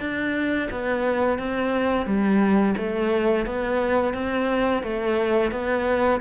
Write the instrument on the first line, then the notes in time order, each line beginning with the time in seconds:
cello
0.00 D4
0.71 B3
1.39 C4
2.06 G3
2.77 A3
3.46 B3
4.14 C4
4.83 A3
5.51 B3